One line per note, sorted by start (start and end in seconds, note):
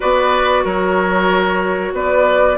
0.00 0.65 B3
0.00 2.56 F#4
0.00 0.63 B4
0.00 0.65 D5
0.64 1.93 F#3
0.64 1.93 A#4
0.64 1.94 C#5
1.93 2.57 B3
1.93 2.58 B4
1.93 2.58 D5